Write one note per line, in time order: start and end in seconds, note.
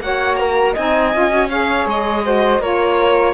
0.00 0.74 A#3
0.00 0.75 F#4
0.00 0.39 C#5
0.00 0.36 F#5
0.36 0.73 A#4
0.36 0.73 A#5
0.73 1.14 C4
0.73 1.13 D#4
0.73 1.47 D#5
0.73 1.49 G#5
1.13 1.85 C#4
1.13 1.29 F4
1.29 1.48 F#4
1.49 2.23 G#4
1.49 2.24 C#5
1.49 1.86 F5
1.85 2.59 G#3
1.85 2.62 D#5
2.23 2.60 F#4
2.23 2.60 C5
2.59 3.33 A#3
2.59 3.34 F4
2.59 3.34 A#4
2.59 3.34 C#5